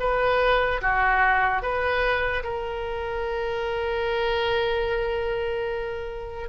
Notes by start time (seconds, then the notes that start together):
0.00 B4
0.81 F#4
1.62 B4
2.44 A#4